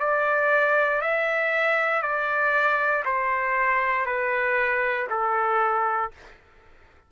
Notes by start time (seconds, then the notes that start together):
0.00 D5
1.02 E5
2.02 D5
3.05 C5
4.06 B4
5.10 A4